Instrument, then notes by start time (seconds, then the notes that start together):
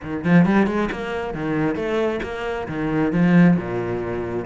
cello
0.02 D#3
0.24 F3
0.45 G3
0.67 G#3
0.91 A#3
1.34 D#3
1.75 A3
2.23 A#3
2.68 D#3
3.12 F3
3.56 A#2